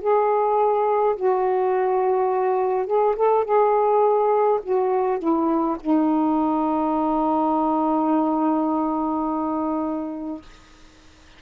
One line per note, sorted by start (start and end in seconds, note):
0.00 1.15 G#4
1.16 2.86 F#4
2.86 3.15 G#4
3.16 3.44 A4
3.44 4.59 G#4
4.63 5.19 F#4
5.19 5.76 E4
5.80 10.42 D#4